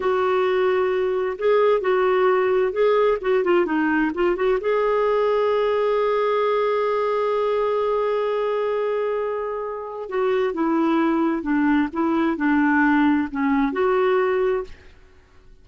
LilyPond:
\new Staff \with { instrumentName = "clarinet" } { \time 4/4 \tempo 4 = 131 fis'2. gis'4 | fis'2 gis'4 fis'8 f'8 | dis'4 f'8 fis'8 gis'2~ | gis'1~ |
gis'1~ | gis'2 fis'4 e'4~ | e'4 d'4 e'4 d'4~ | d'4 cis'4 fis'2 | }